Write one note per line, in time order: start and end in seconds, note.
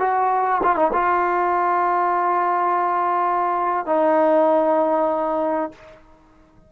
0.00 0.62 F#4
0.64 0.76 F4
0.76 0.92 D#4
0.93 3.86 F4
3.86 5.72 D#4